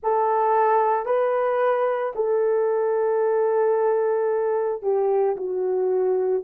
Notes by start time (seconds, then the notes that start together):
0.02 A4
1.05 B4
2.15 A4
4.82 G4
5.36 F#4